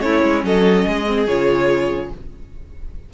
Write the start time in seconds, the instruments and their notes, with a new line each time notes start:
0.00 cello A3, viola C#4, violin E4 C#5
0.23 cello G#3
0.44 cello F#3, violin A4 D#5
0.87 cello G#3, violin G#4
1.07 viola C4
1.27 cello C#3, viola F4, violin C#5